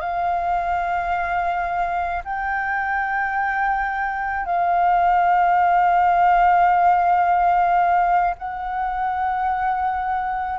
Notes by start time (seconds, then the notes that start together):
0.00 F5
2.24 G5
4.45 F5
8.38 F#5